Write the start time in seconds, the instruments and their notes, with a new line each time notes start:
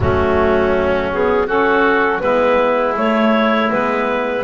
0.00 double bass F#3, saxophone A3, oboe C#4, clarinet F#4
1.12 saxophone B3, clarinet G#4
1.47 saxophone C#4, oboe F#4, clarinet A4
2.19 double bass G#3, saxophone B3, oboe E4, clarinet B4
2.95 saxophone A3, double bass A3, clarinet C#5
3.69 double bass G#3, saxophone B3, clarinet B4